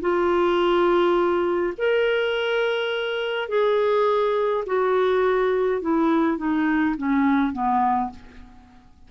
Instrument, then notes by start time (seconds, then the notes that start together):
clarinet
0.00 F4
1.78 A#4
3.48 G#4
4.66 F#4
5.81 E4
6.37 D#4
6.97 C#4
7.52 B3